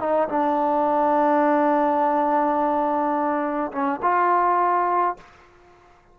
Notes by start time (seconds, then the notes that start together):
0.00 D#4
0.29 D4
3.72 C#4
4.03 F4